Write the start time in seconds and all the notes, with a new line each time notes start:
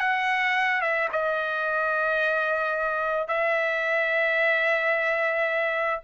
0.00 F#5
0.82 E5
1.13 D#5
3.28 E5